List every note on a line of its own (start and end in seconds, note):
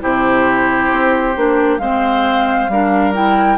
0.00 0.91 C3
0.00 1.34 E4
0.00 1.81 G4
0.00 1.78 C5
0.91 1.36 C4
1.35 1.79 A#3
1.35 1.80 D4
1.78 2.68 G#3
1.78 2.70 C4
1.78 2.71 C5
1.78 3.12 F5
2.68 3.58 G3
2.68 3.14 D4
2.68 3.58 A#4
3.14 3.58 E4
3.14 3.58 G5